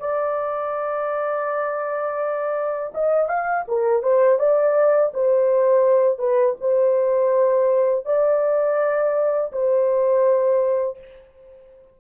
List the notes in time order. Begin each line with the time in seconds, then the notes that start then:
0.00 D5
2.95 D#5
3.29 F5
3.68 A#4
4.03 C5
4.39 D5
5.14 C5
6.19 B4
6.61 C5
8.06 D5
9.53 C5